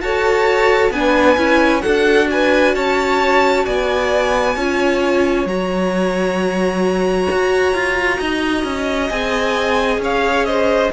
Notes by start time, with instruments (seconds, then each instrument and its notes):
0.00 cello F#4, viola A4, violin C#5 A5
0.91 cello B3, viola D4, violin B4 G#5
1.37 cello C#4, viola E4
1.81 cello D4, viola F#4, violin A4 F#5
2.30 violin B4 G#5
2.75 cello C#4, violin C#5 A5
3.65 cello B3, violin D5 G#5
4.56 cello C#4, viola F4, violin C#5
5.45 cello F#3, viola F#4, violin A#5
7.31 cello F#4
7.74 cello F4
8.19 cello D#4, violin D#5
8.64 cello C#4
9.09 cello C4, viola G#4, violin G#5
9.98 cello C#4, violin C#5
10.04 violin F5
10.45 violin C5 D#5